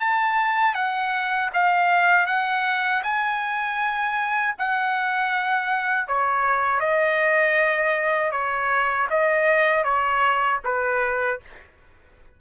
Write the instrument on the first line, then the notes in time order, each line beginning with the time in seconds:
trumpet
0.00 A5
0.74 F#5
1.54 F5
2.26 F#5
3.03 G#5
4.58 F#5
6.08 C#5
6.80 D#5
8.32 C#5
9.10 D#5
9.84 C#5
10.65 B4